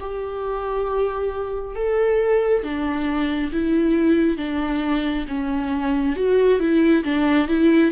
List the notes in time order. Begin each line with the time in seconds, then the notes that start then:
0.00 G4
1.75 A4
2.63 D4
3.52 E4
4.37 D4
5.28 C#4
6.16 F#4
6.59 E4
7.04 D4
7.48 E4